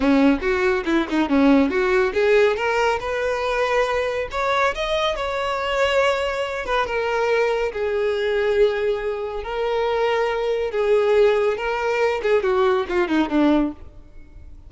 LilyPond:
\new Staff \with { instrumentName = "violin" } { \time 4/4 \tempo 4 = 140 cis'4 fis'4 e'8 dis'8 cis'4 | fis'4 gis'4 ais'4 b'4~ | b'2 cis''4 dis''4 | cis''2.~ cis''8 b'8 |
ais'2 gis'2~ | gis'2 ais'2~ | ais'4 gis'2 ais'4~ | ais'8 gis'8 fis'4 f'8 dis'8 d'4 | }